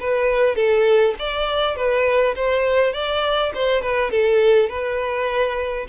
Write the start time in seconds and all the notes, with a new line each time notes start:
0.00 B4
0.56 A4
1.19 D5
1.76 B4
2.36 C5
2.93 D5
3.55 C5
3.82 B4
4.11 A4
4.69 B4